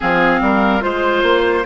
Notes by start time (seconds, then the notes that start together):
0.00 F3 C4 G#4 F5
0.40 G3 A#4
0.80 G#3 F4 C5
1.23 A#3